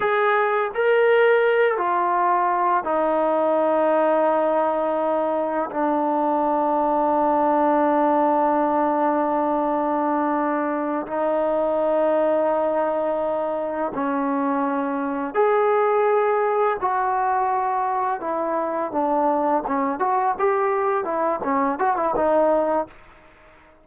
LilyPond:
\new Staff \with { instrumentName = "trombone" } { \time 4/4 \tempo 4 = 84 gis'4 ais'4. f'4. | dis'1 | d'1~ | d'2.~ d'8 dis'8~ |
dis'2.~ dis'8 cis'8~ | cis'4. gis'2 fis'8~ | fis'4. e'4 d'4 cis'8 | fis'8 g'4 e'8 cis'8 fis'16 e'16 dis'4 | }